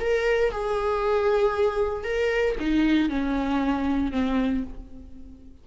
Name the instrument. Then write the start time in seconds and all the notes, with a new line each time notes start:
viola
0.00 A#4
0.51 G#4
2.04 A#4
2.60 D#4
3.09 C#4
4.12 C4